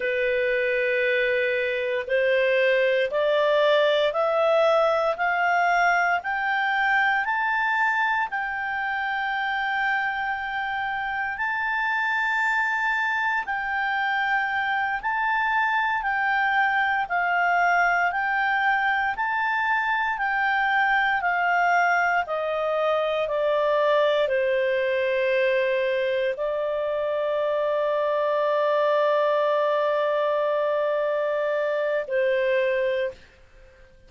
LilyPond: \new Staff \with { instrumentName = "clarinet" } { \time 4/4 \tempo 4 = 58 b'2 c''4 d''4 | e''4 f''4 g''4 a''4 | g''2. a''4~ | a''4 g''4. a''4 g''8~ |
g''8 f''4 g''4 a''4 g''8~ | g''8 f''4 dis''4 d''4 c''8~ | c''4. d''2~ d''8~ | d''2. c''4 | }